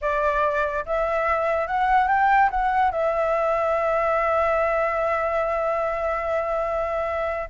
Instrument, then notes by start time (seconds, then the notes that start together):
flute
0.01 D5
0.85 E5
1.67 F#5
2.08 G5
2.50 F#5
2.91 E5